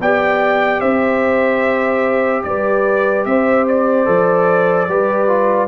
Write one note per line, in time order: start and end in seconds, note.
0.00 0.81 B3
0.00 4.06 G4
0.00 0.81 D5
0.00 0.81 G5
0.81 2.44 C4
0.81 2.43 C5
0.81 2.43 E5
2.44 3.26 G3
2.44 3.28 B4
2.44 3.25 D5
3.26 4.07 C4
3.26 4.90 C5
3.26 3.66 E5
3.68 5.68 D5
4.06 4.89 F3
4.06 4.87 A4
4.89 5.68 G3
4.89 5.28 G4
4.89 5.68 B4
5.28 5.68 F4